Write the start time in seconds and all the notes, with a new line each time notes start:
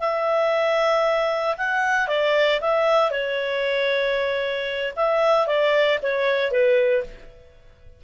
0.00 E5
1.57 F#5
2.08 D5
2.61 E5
3.11 C#5
4.96 E5
5.47 D5
6.03 C#5
6.51 B4